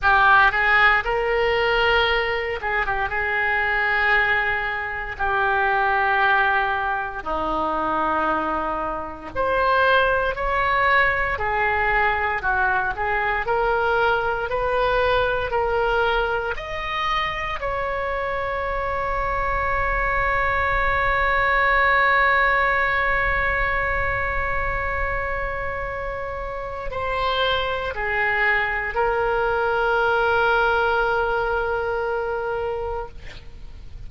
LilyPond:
\new Staff \with { instrumentName = "oboe" } { \time 4/4 \tempo 4 = 58 g'8 gis'8 ais'4. gis'16 g'16 gis'4~ | gis'4 g'2 dis'4~ | dis'4 c''4 cis''4 gis'4 | fis'8 gis'8 ais'4 b'4 ais'4 |
dis''4 cis''2.~ | cis''1~ | cis''2 c''4 gis'4 | ais'1 | }